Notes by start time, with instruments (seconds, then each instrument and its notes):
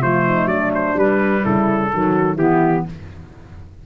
0.00 tuba F3, clarinet A3, horn F4, trumpet C5
0.25 horn D#4
0.45 tuba F#3, horn D4, trumpet D5
0.74 trumpet C5
0.96 tuba G3, clarinet G3, trumpet B4
1.41 tuba C#3, horn E4, trumpet A4
1.93 tuba D#3, clarinet F#3, horn F#4
2.35 tuba E3, clarinet B3, horn E4, trumpet G4